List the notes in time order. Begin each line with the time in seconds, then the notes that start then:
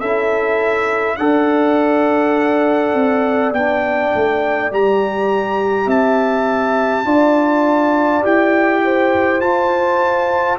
0.00 C#4 E4 A4 E5
1.17 D4 A4 D5 F#5
2.94 C4
3.52 B3 D4 G5
4.15 A3
4.71 G3 G4 A#5
5.87 C4 E5 A5
7.05 D4 F4 D5
8.23 E4 G4 G5
8.85 C5
9.40 F4 A5